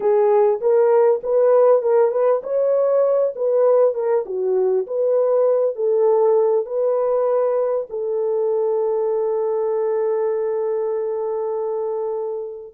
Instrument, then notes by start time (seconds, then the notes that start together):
horn
0.00 G#4
0.60 A#4
1.23 B4
1.82 A#4
2.11 B4
2.43 C#5
3.35 B4
3.94 A#4
4.25 F#4
4.87 B4
5.75 A4
6.65 B4
7.90 A4